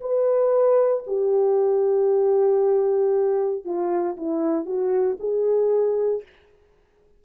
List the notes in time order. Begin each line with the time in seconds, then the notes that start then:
0.00 B4
1.07 G4
3.64 F4
4.17 E4
4.66 F#4
5.19 G#4